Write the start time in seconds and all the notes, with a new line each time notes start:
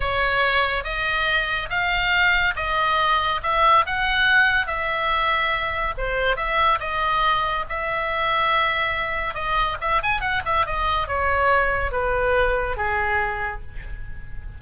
0.00 C#5
0.84 D#5
1.69 F5
2.56 D#5
3.43 E5
3.85 F#5
4.66 E5
5.97 C5
6.36 E5
6.80 D#5
7.69 E5
9.34 D#5
9.80 E5
10.03 G#5
10.20 F#5
10.45 E5
10.66 D#5
11.07 C#5
11.91 B4
12.76 G#4